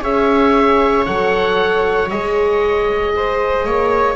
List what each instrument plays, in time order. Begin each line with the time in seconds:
0.00 double bass C#4, horn G#4, viola C#5, oboe E5
1.05 double bass F#3, horn A4, oboe F#5
2.09 double bass G#3, horn G#4, oboe D#5
3.15 viola C5
3.65 double bass A#3, viola C#5